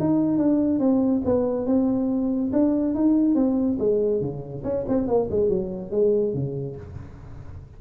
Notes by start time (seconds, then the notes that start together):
0.00 D#4
0.38 D4
0.80 C4
1.26 B3
1.67 C4
2.53 D4
2.95 D#4
3.36 C4
3.79 G#3
4.21 C#3
4.64 C#4
4.88 C4
5.08 A#3
5.31 G#3
5.49 F#3
5.92 G#3
6.34 C#3